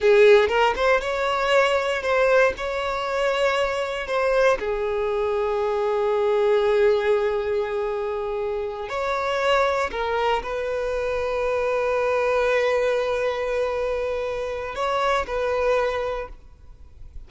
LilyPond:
\new Staff \with { instrumentName = "violin" } { \time 4/4 \tempo 4 = 118 gis'4 ais'8 c''8 cis''2 | c''4 cis''2. | c''4 gis'2.~ | gis'1~ |
gis'4. cis''2 ais'8~ | ais'8 b'2.~ b'8~ | b'1~ | b'4 cis''4 b'2 | }